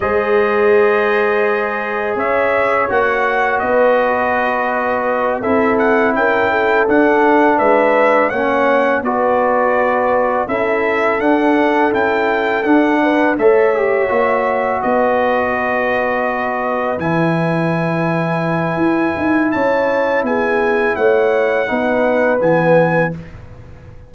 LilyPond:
<<
  \new Staff \with { instrumentName = "trumpet" } { \time 4/4 \tempo 4 = 83 dis''2. e''4 | fis''4 dis''2~ dis''8 e''8 | fis''8 g''4 fis''4 e''4 fis''8~ | fis''8 d''2 e''4 fis''8~ |
fis''8 g''4 fis''4 e''4.~ | e''8 dis''2. gis''8~ | gis''2. a''4 | gis''4 fis''2 gis''4 | }
  \new Staff \with { instrumentName = "horn" } { \time 4/4 c''2. cis''4~ | cis''4 b'2~ b'8 a'8~ | a'8 ais'8 a'4. b'4 cis''8~ | cis''8 b'2 a'4.~ |
a'2 b'8 cis''4.~ | cis''8 b'2.~ b'8~ | b'2. cis''4 | gis'4 cis''4 b'2 | }
  \new Staff \with { instrumentName = "trombone" } { \time 4/4 gis'1 | fis'2.~ fis'8 e'8~ | e'4. d'2 cis'8~ | cis'8 fis'2 e'4 d'8~ |
d'8 e'4 d'4 a'8 g'8 fis'8~ | fis'2.~ fis'8 e'8~ | e'1~ | e'2 dis'4 b4 | }
  \new Staff \with { instrumentName = "tuba" } { \time 4/4 gis2. cis'4 | ais4 b2~ b8 c'8~ | c'8 cis'4 d'4 gis4 ais8~ | ais8 b2 cis'4 d'8~ |
d'8 cis'4 d'4 a4 ais8~ | ais8 b2. e8~ | e2 e'8 dis'8 cis'4 | b4 a4 b4 e4 | }
>>